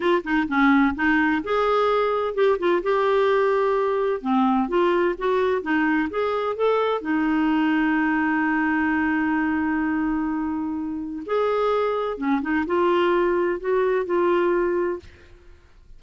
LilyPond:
\new Staff \with { instrumentName = "clarinet" } { \time 4/4 \tempo 4 = 128 f'8 dis'8 cis'4 dis'4 gis'4~ | gis'4 g'8 f'8 g'2~ | g'4 c'4 f'4 fis'4 | dis'4 gis'4 a'4 dis'4~ |
dis'1~ | dis'1 | gis'2 cis'8 dis'8 f'4~ | f'4 fis'4 f'2 | }